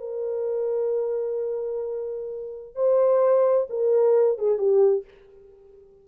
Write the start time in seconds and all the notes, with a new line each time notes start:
0.00 A#4
2.75 C5
3.70 A#4
4.39 G#4
4.59 G4